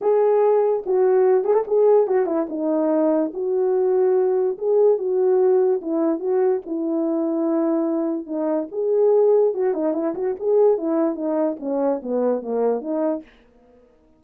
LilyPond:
\new Staff \with { instrumentName = "horn" } { \time 4/4 \tempo 4 = 145 gis'2 fis'4. gis'16 a'16 | gis'4 fis'8 e'8 dis'2 | fis'2. gis'4 | fis'2 e'4 fis'4 |
e'1 | dis'4 gis'2 fis'8 dis'8 | e'8 fis'8 gis'4 e'4 dis'4 | cis'4 b4 ais4 dis'4 | }